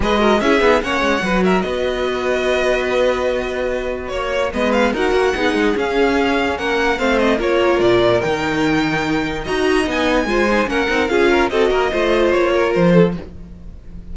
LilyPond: <<
  \new Staff \with { instrumentName = "violin" } { \time 4/4 \tempo 4 = 146 dis''4 e''4 fis''4. e''8 | dis''1~ | dis''2 cis''4 dis''8 f''8 | fis''2 f''2 |
fis''4 f''8 dis''8 cis''4 d''4 | g''2. ais''4 | gis''2 fis''4 f''4 | dis''2 cis''4 c''4 | }
  \new Staff \with { instrumentName = "violin" } { \time 4/4 b'8 ais'8 gis'4 cis''4 b'8 ais'8 | b'1~ | b'2 cis''4 b'4 | ais'4 gis'2. |
ais'4 c''4 ais'2~ | ais'2. dis''4~ | dis''4 c''4 ais'4 gis'8 ais'8 | a'8 ais'8 c''4. ais'4 a'8 | }
  \new Staff \with { instrumentName = "viola" } { \time 4/4 gis'8 fis'8 e'8 dis'8 cis'4 fis'4~ | fis'1~ | fis'2. b4 | fis'4 dis'4 cis'2~ |
cis'4 c'4 f'2 | dis'2. fis'4 | dis'4 f'8 dis'8 cis'8 dis'8 f'4 | fis'4 f'2. | }
  \new Staff \with { instrumentName = "cello" } { \time 4/4 gis4 cis'8 b8 ais8 gis8 fis4 | b1~ | b2 ais4 gis4 | dis'8 ais8 b8 gis8 cis'2 |
ais4 a4 ais4 ais,4 | dis2. dis'4 | b4 gis4 ais8 c'8 cis'4 | c'8 ais8 a4 ais4 f4 | }
>>